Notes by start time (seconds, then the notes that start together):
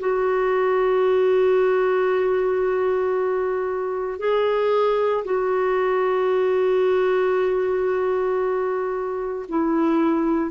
0.00 F#4
4.19 G#4
5.25 F#4
9.49 E4